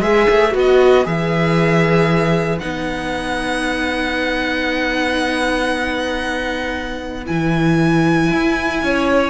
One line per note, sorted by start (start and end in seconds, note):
0.00 0.26 G#3
0.00 0.52 G#4
0.00 8.79 B4
0.00 0.54 E5
0.29 0.54 A3
0.52 1.06 B3
0.52 1.03 F#4
0.59 1.06 D#5
1.04 2.61 E3
1.04 2.59 G#4
1.04 2.59 E5
2.59 7.28 B3
2.59 7.25 D#4
2.59 7.24 F#5
7.26 8.32 E3
7.26 9.30 E4
7.26 9.30 G#5
8.32 8.83 E4
8.83 9.30 C#4
8.83 9.30 C#5